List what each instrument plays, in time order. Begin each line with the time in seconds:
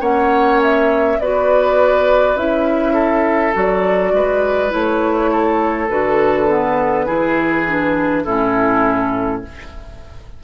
0.00 bassoon A#3, clarinet C#4, oboe C#5, flute F#5
0.62 flute E5
1.19 bassoon B3, clarinet F#4, oboe B4, flute D5
2.35 bassoon C#4, clarinet E4, flute E5
2.93 oboe A4
3.53 bassoon F#3, clarinet F#4, flute D5
4.13 bassoon G#3, oboe B4
4.69 bassoon A3, clarinet E4, flute C#5
5.31 oboe A4
5.89 bassoon D3, clarinet F#4, flute B4
6.48 clarinet B3
7.06 bassoon E3, clarinet E4, oboe G#4
7.67 clarinet D4
8.24 bassoon A2, clarinet C#4, oboe E4, flute A4